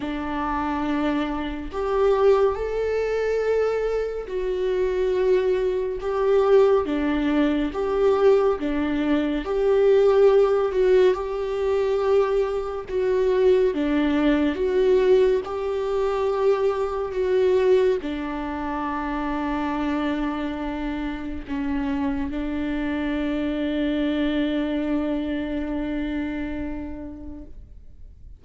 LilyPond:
\new Staff \with { instrumentName = "viola" } { \time 4/4 \tempo 4 = 70 d'2 g'4 a'4~ | a'4 fis'2 g'4 | d'4 g'4 d'4 g'4~ | g'8 fis'8 g'2 fis'4 |
d'4 fis'4 g'2 | fis'4 d'2.~ | d'4 cis'4 d'2~ | d'1 | }